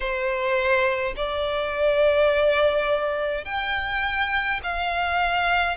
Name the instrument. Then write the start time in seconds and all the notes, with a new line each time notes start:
violin
0.00 C5
1.16 D5
3.45 G5
4.63 F5